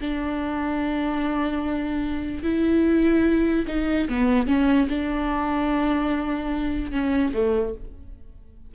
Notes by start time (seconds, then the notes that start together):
0.00 D4
2.43 E4
3.67 D#4
4.09 B3
4.47 C#4
4.88 D4
6.91 C#4
7.33 A3